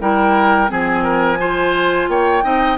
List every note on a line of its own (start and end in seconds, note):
0.00 0.70 G3
0.00 0.67 E4
0.00 0.70 A#4
0.00 0.69 G5
0.67 2.08 F3
0.67 1.37 C4
0.67 1.03 G#4
0.67 2.08 G#5
1.03 1.38 A#4
1.38 2.42 F4
1.38 2.09 C5
2.08 2.43 A#3
2.08 2.44 C#5
2.08 2.78 G5
2.42 2.78 C4
2.42 2.77 D#4
2.42 2.78 D#5